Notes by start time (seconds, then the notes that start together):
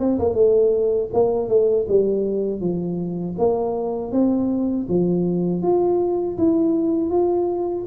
0.00 C4
0.19 A#3
0.34 A3
1.14 A#3
1.49 A3
1.88 G3
2.61 F3
3.38 A#3
4.12 C4
4.89 F3
5.62 F4
6.38 E4
7.10 F4